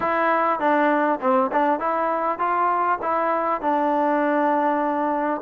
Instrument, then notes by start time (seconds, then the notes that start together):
trombone
0.00 E4
0.59 D4
1.21 C4
1.52 D4
1.79 E4
2.38 F4
3.02 E4
3.61 D4